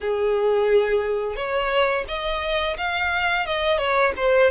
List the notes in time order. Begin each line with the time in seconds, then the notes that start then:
0.00 G#4
1.36 C#5
2.08 D#5
2.77 F5
3.46 D#5
3.77 C#5
4.16 C5